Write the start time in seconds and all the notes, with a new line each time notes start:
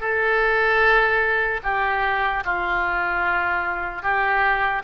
0.00 A4
1.63 G4
2.44 F4
4.02 G4